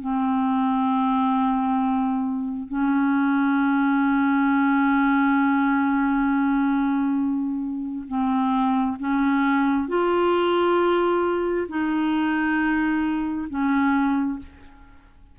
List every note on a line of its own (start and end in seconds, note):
0.00 2.68 C4
2.68 8.05 C#4
8.08 8.97 C4
8.99 9.88 C#4
9.88 11.67 F4
11.69 13.48 D#4
13.49 14.39 C#4